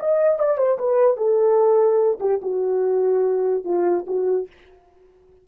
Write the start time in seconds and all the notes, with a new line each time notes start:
0.00 D#5
0.39 D5
0.58 C5
0.79 B4
1.17 A4
2.20 G4
2.42 F#4
3.65 F4
4.07 F#4